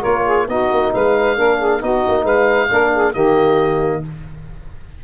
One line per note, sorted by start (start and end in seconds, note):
0.00 0.48 A#3
0.00 0.49 F4
0.00 0.22 A#4
0.00 0.47 C#5
0.25 0.47 G#4
0.48 0.70 B3
0.48 1.37 D#4
0.48 0.92 F#4
0.48 0.93 D#5
0.71 0.93 A#3
0.92 1.38 G#3
0.92 1.36 B4
0.92 1.83 F5
1.36 1.82 A#3
1.36 1.80 D4
1.36 1.58 A#4
1.58 1.80 G#4
1.80 2.04 B3
1.80 2.69 D#4
1.80 2.23 F#4
1.80 2.25 D#5
2.08 2.24 A#3
2.23 2.68 G#3
2.23 2.67 B4
2.23 3.13 F5
2.70 3.15 A#3
2.70 3.13 D4
2.70 2.93 A#4
2.94 3.13 G#4
3.13 4.04 D#3
3.13 4.02 A#3
3.13 4.02 G4
3.13 4.02 D#5